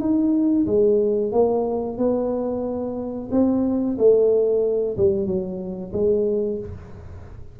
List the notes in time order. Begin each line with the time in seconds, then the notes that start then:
0.00 D#4
0.66 G#3
1.32 A#3
1.98 B3
3.31 C4
3.98 A3
4.97 G3
5.26 F#3
5.93 G#3